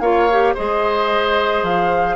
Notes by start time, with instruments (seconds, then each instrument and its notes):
0.00 bassoon A#3, clarinet F4, oboe C#5, flute F5
0.31 clarinet G4
0.54 bassoon G#3, clarinet G#4, oboe C5, flute D#5
1.63 bassoon F3, flute F5